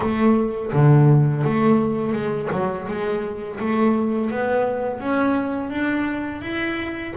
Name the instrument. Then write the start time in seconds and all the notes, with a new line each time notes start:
double bass
0.00 A3
0.72 D3
1.44 A3
2.12 G#3
2.51 F#3
2.87 G#3
3.59 A3
4.31 B3
4.99 C#4
5.69 D4
6.41 E4